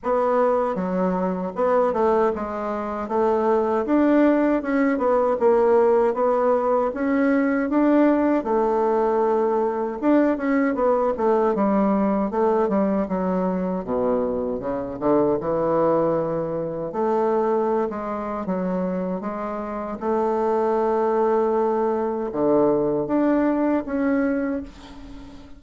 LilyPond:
\new Staff \with { instrumentName = "bassoon" } { \time 4/4 \tempo 4 = 78 b4 fis4 b8 a8 gis4 | a4 d'4 cis'8 b8 ais4 | b4 cis'4 d'4 a4~ | a4 d'8 cis'8 b8 a8 g4 |
a8 g8 fis4 b,4 cis8 d8 | e2 a4~ a16 gis8. | fis4 gis4 a2~ | a4 d4 d'4 cis'4 | }